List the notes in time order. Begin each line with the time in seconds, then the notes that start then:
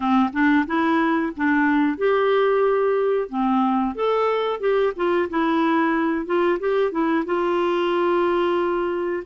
0.00 C4
0.32 D4
0.66 E4
1.36 D4
1.98 G4
3.29 C4
3.95 A4
4.60 G4
4.96 F4
5.29 E4
6.25 F4
6.59 G4
6.91 E4
7.25 F4